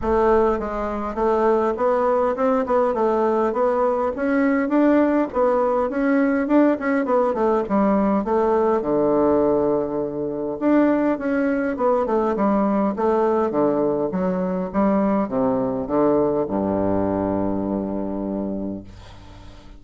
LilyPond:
\new Staff \with { instrumentName = "bassoon" } { \time 4/4 \tempo 4 = 102 a4 gis4 a4 b4 | c'8 b8 a4 b4 cis'4 | d'4 b4 cis'4 d'8 cis'8 | b8 a8 g4 a4 d4~ |
d2 d'4 cis'4 | b8 a8 g4 a4 d4 | fis4 g4 c4 d4 | g,1 | }